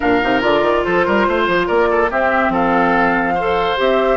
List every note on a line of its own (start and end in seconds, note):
0.00 0.23 A#2
0.00 0.21 D4
0.00 0.80 A#4
0.00 0.42 F5
0.22 0.43 C3
0.22 0.41 D#4
0.41 0.62 D3
0.41 2.08 F4
0.41 0.84 D5
0.62 0.83 D#3
0.84 1.07 F3
0.84 1.05 A4
0.84 1.67 C5
1.05 1.28 G3
1.05 1.26 A#4
1.28 1.47 A3
1.28 1.67 C5
1.47 1.68 F3
1.67 2.11 A#3
1.67 1.88 A#4
1.67 2.10 D5
1.90 2.10 A4
2.10 2.49 C4
2.10 3.37 C4
2.10 2.52 G4
2.10 2.53 E5
2.49 3.75 F3
2.49 3.34 A4
2.49 3.79 F5
3.34 3.76 A4
3.34 4.17 C5
3.76 4.17 C4
3.76 4.17 G4
3.76 4.17 E5